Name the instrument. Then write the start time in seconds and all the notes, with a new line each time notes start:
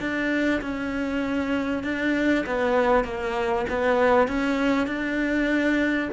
cello
0.00 D4
0.62 C#4
1.84 D4
2.47 B3
3.05 A#3
3.70 B3
4.28 C#4
4.87 D4